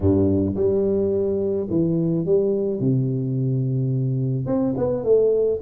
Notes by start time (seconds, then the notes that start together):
0.00 G2
0.55 G3
1.70 E3
2.25 G3
2.79 C3
4.46 C4
4.77 B3
5.03 A3